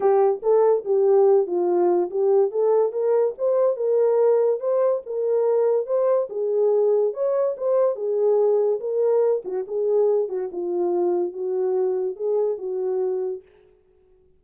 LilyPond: \new Staff \with { instrumentName = "horn" } { \time 4/4 \tempo 4 = 143 g'4 a'4 g'4. f'8~ | f'4 g'4 a'4 ais'4 | c''4 ais'2 c''4 | ais'2 c''4 gis'4~ |
gis'4 cis''4 c''4 gis'4~ | gis'4 ais'4. fis'8 gis'4~ | gis'8 fis'8 f'2 fis'4~ | fis'4 gis'4 fis'2 | }